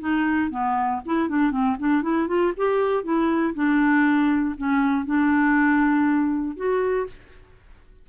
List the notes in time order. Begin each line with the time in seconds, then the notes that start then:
0.00 D#4
0.51 B3
1.06 E4
1.29 D4
1.51 C4
1.79 D4
2.03 E4
2.28 F4
2.57 G4
3.04 E4
3.55 D4
4.57 C#4
5.06 D4
6.56 F#4